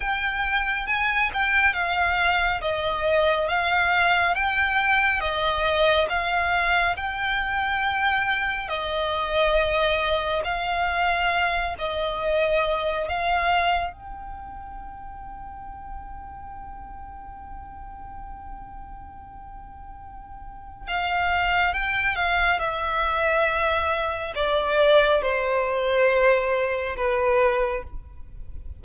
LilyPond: \new Staff \with { instrumentName = "violin" } { \time 4/4 \tempo 4 = 69 g''4 gis''8 g''8 f''4 dis''4 | f''4 g''4 dis''4 f''4 | g''2 dis''2 | f''4. dis''4. f''4 |
g''1~ | g''1 | f''4 g''8 f''8 e''2 | d''4 c''2 b'4 | }